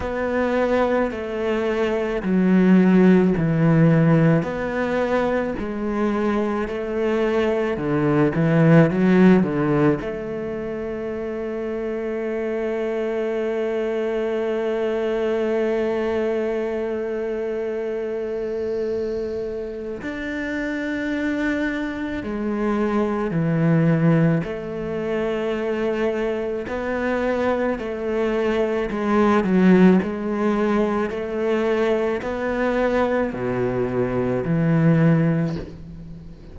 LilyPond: \new Staff \with { instrumentName = "cello" } { \time 4/4 \tempo 4 = 54 b4 a4 fis4 e4 | b4 gis4 a4 d8 e8 | fis8 d8 a2.~ | a1~ |
a2 d'2 | gis4 e4 a2 | b4 a4 gis8 fis8 gis4 | a4 b4 b,4 e4 | }